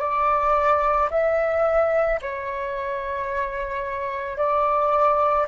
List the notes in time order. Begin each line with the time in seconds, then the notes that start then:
0.00 D5
1.11 E5
2.22 C#5
4.38 D5